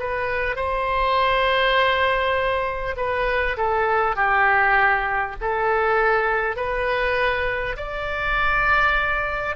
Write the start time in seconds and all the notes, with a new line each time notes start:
0.00 B4
0.56 C5
2.97 B4
3.58 A4
4.16 G4
5.41 A4
6.57 B4
7.77 D5